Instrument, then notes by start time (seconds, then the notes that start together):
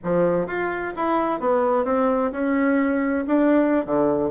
bassoon
0.03 F3
0.46 F4
0.96 E4
1.40 B3
1.85 C4
2.32 C#4
3.27 D4
3.86 D3